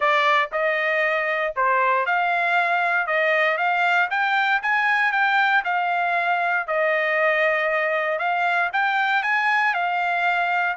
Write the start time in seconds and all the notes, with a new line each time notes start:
0.00 D5
0.52 D#5
1.55 C5
2.05 F5
3.06 D#5
3.57 F5
4.10 G5
4.62 G#5
5.11 G5
5.64 F5
6.67 D#5
8.18 F5
8.72 G5
9.22 G#5
9.74 F5